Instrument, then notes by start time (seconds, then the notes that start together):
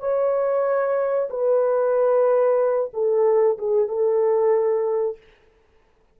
horn
0.00 C#5
1.30 B4
2.93 A4
3.58 G#4
3.88 A4